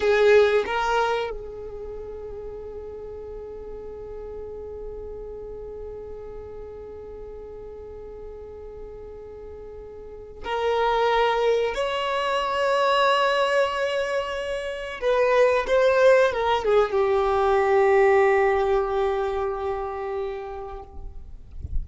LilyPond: \new Staff \with { instrumentName = "violin" } { \time 4/4 \tempo 4 = 92 gis'4 ais'4 gis'2~ | gis'1~ | gis'1~ | gis'1 |
ais'2 cis''2~ | cis''2. b'4 | c''4 ais'8 gis'8 g'2~ | g'1 | }